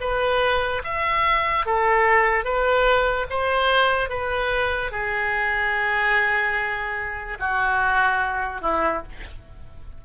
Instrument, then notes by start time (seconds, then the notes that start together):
oboe
0.00 B4
0.84 E5
1.66 A4
2.44 B4
3.30 C5
4.09 B4
4.91 G#4
7.39 F#4
8.62 E4